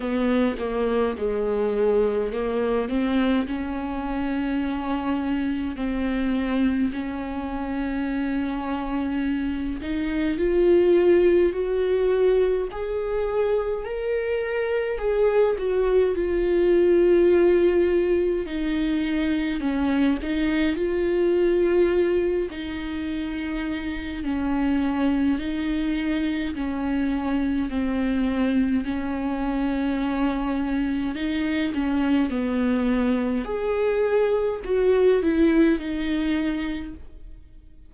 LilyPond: \new Staff \with { instrumentName = "viola" } { \time 4/4 \tempo 4 = 52 b8 ais8 gis4 ais8 c'8 cis'4~ | cis'4 c'4 cis'2~ | cis'8 dis'8 f'4 fis'4 gis'4 | ais'4 gis'8 fis'8 f'2 |
dis'4 cis'8 dis'8 f'4. dis'8~ | dis'4 cis'4 dis'4 cis'4 | c'4 cis'2 dis'8 cis'8 | b4 gis'4 fis'8 e'8 dis'4 | }